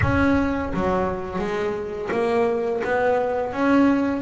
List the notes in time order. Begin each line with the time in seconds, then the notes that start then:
0.02 C#4
0.73 F#3
1.38 G#3
2.11 A#3
2.84 B3
3.52 C#4